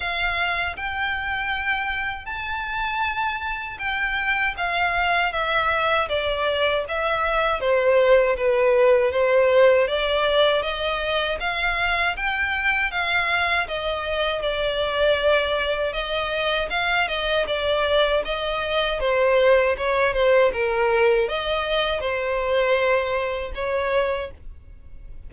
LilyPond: \new Staff \with { instrumentName = "violin" } { \time 4/4 \tempo 4 = 79 f''4 g''2 a''4~ | a''4 g''4 f''4 e''4 | d''4 e''4 c''4 b'4 | c''4 d''4 dis''4 f''4 |
g''4 f''4 dis''4 d''4~ | d''4 dis''4 f''8 dis''8 d''4 | dis''4 c''4 cis''8 c''8 ais'4 | dis''4 c''2 cis''4 | }